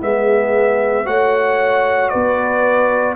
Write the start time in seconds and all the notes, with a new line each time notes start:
0.00 G#3 B3 G#4 E5
1.05 A3 F#4 C#5 F#5
2.09 B3 B4 D5